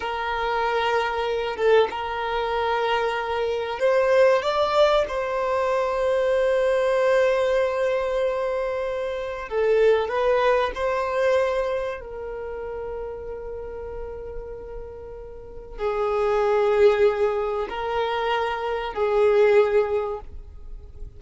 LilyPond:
\new Staff \with { instrumentName = "violin" } { \time 4/4 \tempo 4 = 95 ais'2~ ais'8 a'8 ais'4~ | ais'2 c''4 d''4 | c''1~ | c''2. a'4 |
b'4 c''2 ais'4~ | ais'1~ | ais'4 gis'2. | ais'2 gis'2 | }